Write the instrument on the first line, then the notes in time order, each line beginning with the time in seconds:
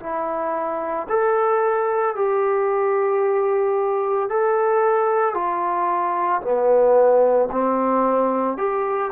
trombone
0.00 E4
1.09 A4
2.15 G4
4.30 A4
5.34 F4
6.42 B3
7.51 C4
8.57 G4